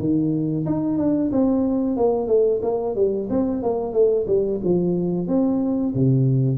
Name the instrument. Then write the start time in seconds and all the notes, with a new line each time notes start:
tuba
0.00 D#3
0.67 D#4
0.98 D4
1.32 C4
1.97 A#3
2.28 A3
2.63 A#3
2.96 G3
3.30 C4
3.63 A#3
3.94 A3
4.28 G3
4.65 F3
5.28 C4
5.95 C3